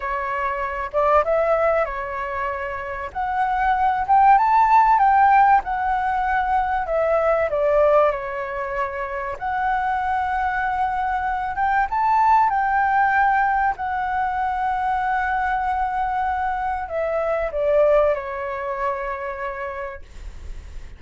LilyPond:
\new Staff \with { instrumentName = "flute" } { \time 4/4 \tempo 4 = 96 cis''4. d''8 e''4 cis''4~ | cis''4 fis''4. g''8 a''4 | g''4 fis''2 e''4 | d''4 cis''2 fis''4~ |
fis''2~ fis''8 g''8 a''4 | g''2 fis''2~ | fis''2. e''4 | d''4 cis''2. | }